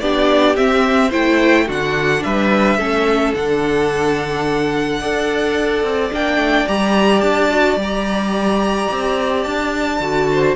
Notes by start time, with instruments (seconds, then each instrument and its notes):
0.00 cello B3, viola D4, violin G4 D5
0.56 viola C4, cello C4, violin E5
1.09 cello A3, viola E4, violin C5 G5
1.66 cello D3, viola D4, violin F#4 F#5
2.23 cello G3, violin B4 E5
2.77 cello A3, viola C#4, violin A4
3.34 cello D3, viola D4, violin F#5
5.00 cello D4, viola A4, violin D5
5.83 cello C4
6.12 cello A#3, viola D4, violin G5
6.37 cello A3
6.67 cello G3, viola G4, violin A#5
7.20 cello D4, violin A5
7.50 viola F#4
7.76 cello G3, viola G4, violin A#5
8.91 cello C4
9.43 cello D4, violin A5
9.99 cello D3, viola F#4
10.31 violin C5